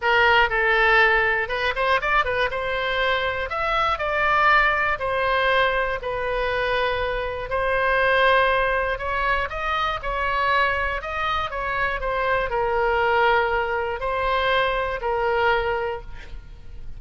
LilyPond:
\new Staff \with { instrumentName = "oboe" } { \time 4/4 \tempo 4 = 120 ais'4 a'2 b'8 c''8 | d''8 b'8 c''2 e''4 | d''2 c''2 | b'2. c''4~ |
c''2 cis''4 dis''4 | cis''2 dis''4 cis''4 | c''4 ais'2. | c''2 ais'2 | }